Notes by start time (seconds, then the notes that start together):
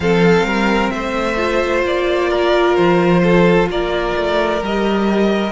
0.00 F3 C4 A4 F5
0.43 G3 A#4
0.89 A3 C5 E5
1.37 F4
1.84 A#3 D5
2.29 A#4
2.75 F3 C5
3.23 A4
3.69 A#3 A#4 D5
4.16 A3
4.61 G3 G4 D#5